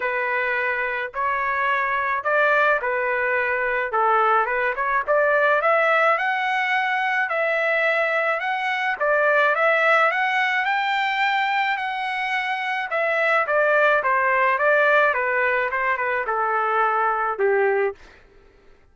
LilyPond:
\new Staff \with { instrumentName = "trumpet" } { \time 4/4 \tempo 4 = 107 b'2 cis''2 | d''4 b'2 a'4 | b'8 cis''8 d''4 e''4 fis''4~ | fis''4 e''2 fis''4 |
d''4 e''4 fis''4 g''4~ | g''4 fis''2 e''4 | d''4 c''4 d''4 b'4 | c''8 b'8 a'2 g'4 | }